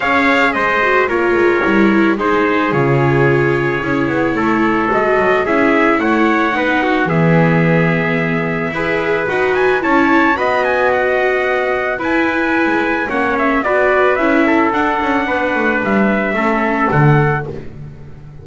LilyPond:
<<
  \new Staff \with { instrumentName = "trumpet" } { \time 4/4 \tempo 4 = 110 f''4 dis''4 cis''2 | c''4 cis''2.~ | cis''4 dis''4 e''4 fis''4~ | fis''4 e''2.~ |
e''4 fis''8 gis''8 a''4 b''8 gis''8 | fis''2 gis''2 | fis''8 e''8 d''4 e''4 fis''4~ | fis''4 e''2 fis''4 | }
  \new Staff \with { instrumentName = "trumpet" } { \time 4/4 cis''4 c''4 ais'2 | gis'1 | a'2 gis'4 cis''4 | b'8 fis'8 gis'2. |
b'2 cis''4 dis''4~ | dis''2 b'2 | cis''4 b'4. a'4. | b'2 a'2 | }
  \new Staff \with { instrumentName = "viola" } { \time 4/4 gis'4. fis'8 f'4 e'4 | dis'4 f'2 e'4~ | e'4 fis'4 e'2 | dis'4 b2. |
gis'4 fis'4 e'4 fis'4~ | fis'2 e'2 | cis'4 fis'4 e'4 d'4~ | d'2 cis'4 a4 | }
  \new Staff \with { instrumentName = "double bass" } { \time 4/4 cis'4 gis4 ais8 gis8 g4 | gis4 cis2 cis'8 b8 | a4 gis8 fis8 cis'4 a4 | b4 e2. |
e'4 dis'4 cis'4 b4~ | b2 e'4~ e'16 gis8. | ais4 b4 cis'4 d'8 cis'8 | b8 a8 g4 a4 d4 | }
>>